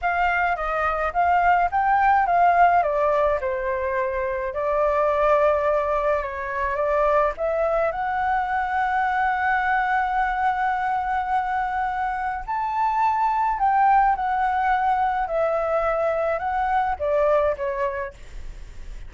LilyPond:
\new Staff \with { instrumentName = "flute" } { \time 4/4 \tempo 4 = 106 f''4 dis''4 f''4 g''4 | f''4 d''4 c''2 | d''2. cis''4 | d''4 e''4 fis''2~ |
fis''1~ | fis''2 a''2 | g''4 fis''2 e''4~ | e''4 fis''4 d''4 cis''4 | }